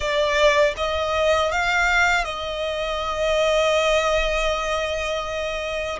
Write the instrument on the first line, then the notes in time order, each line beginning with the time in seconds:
violin
0.00 D5
0.76 D#5
1.51 F5
2.24 D#5